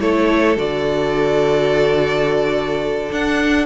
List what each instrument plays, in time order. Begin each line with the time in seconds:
0.00 cello A3, viola E4, violin A4 C#5
0.56 cello D3, viola F#4, violin D5
3.10 viola D4, cello D4, violin F#5